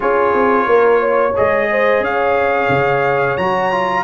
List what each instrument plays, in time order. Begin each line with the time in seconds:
0.00 tuba C#4, trombone F4, horn G#4, trumpet C#5
0.33 tuba C4
0.66 tuba A#3, horn A#4
1.00 horn C#5
1.36 tuba G#3, trombone G#4, trumpet D#5
1.71 horn C5
1.99 tuba C#4, horn C#5, trumpet F5
2.69 tuba C#3
3.37 tuba F#3, trombone F#4, trumpet A#5
3.71 trombone F4